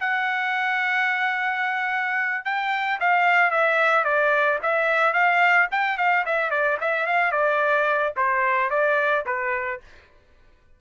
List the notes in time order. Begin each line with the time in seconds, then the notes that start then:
0.00 F#5
2.45 G5
3.00 F5
3.51 E5
4.05 D5
4.63 E5
5.13 F5
5.71 G5
5.98 F5
6.26 E5
6.51 D5
6.81 E5
7.07 F5
7.32 D5
8.17 C5
8.70 D5
9.26 B4